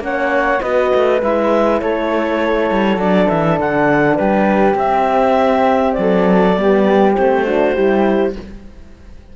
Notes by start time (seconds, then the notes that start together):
0.00 A#3 C#4 C#5 F#5
0.61 B3 F#4 B4 D#5
0.95 A3
1.22 G#3 E4 E5
1.81 A3 A4 C#5
2.71 G3
2.97 F#3 D4 D5
3.29 E3 E5
3.59 D3 F#5
4.16 G3 G4 B4
4.75 C4 E5
5.93 F#3 D5
6.00 A4
6.56 G3 B3 G4
7.14 A3 C4 C5
7.45 D4 F#4
7.75 G3 E4 G4